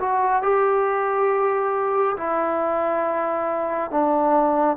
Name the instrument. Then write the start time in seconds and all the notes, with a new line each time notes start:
trombone
0.00 F#4
0.43 G4
2.17 E4
3.91 D4